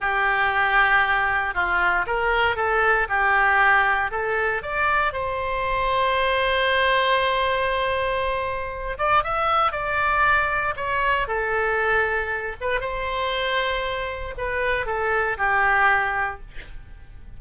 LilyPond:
\new Staff \with { instrumentName = "oboe" } { \time 4/4 \tempo 4 = 117 g'2. f'4 | ais'4 a'4 g'2 | a'4 d''4 c''2~ | c''1~ |
c''4. d''8 e''4 d''4~ | d''4 cis''4 a'2~ | a'8 b'8 c''2. | b'4 a'4 g'2 | }